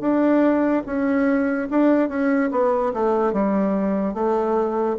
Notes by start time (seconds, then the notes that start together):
0.00 D4
0.86 C#4
1.70 D4
2.08 C#4
2.51 B3
2.93 A3
3.32 G3
4.14 A3